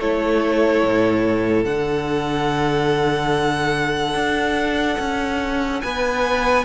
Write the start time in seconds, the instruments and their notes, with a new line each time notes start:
0.00 cello A3, viola E4, violin A4 C#5
0.84 cello A2
1.65 cello D3, viola D4, violin F#5
4.14 cello D4
4.99 cello C#4
5.82 cello B3, violin B4 G#5